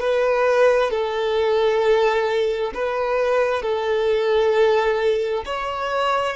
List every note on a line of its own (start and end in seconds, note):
0.00 0.91 B4
0.91 2.73 A4
2.74 3.62 B4
3.62 5.44 A4
5.46 6.36 C#5